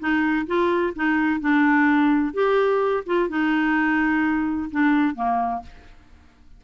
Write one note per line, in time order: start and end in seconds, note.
0.00 0.47 D#4
0.47 0.94 F4
0.96 1.41 D#4
1.41 2.34 D4
2.34 3.05 G4
3.07 3.30 F4
3.30 4.70 D#4
4.72 5.16 D4
5.16 5.62 A#3